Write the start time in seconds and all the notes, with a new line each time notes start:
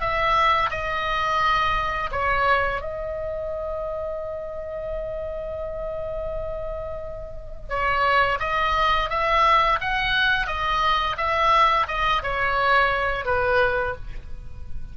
0.00 E5
0.70 D#5
2.11 C#5
2.81 D#5
7.69 C#5
8.39 D#5
9.09 E5
9.80 F#5
10.47 D#5
11.17 E5
11.87 D#5
12.23 C#5
13.25 B4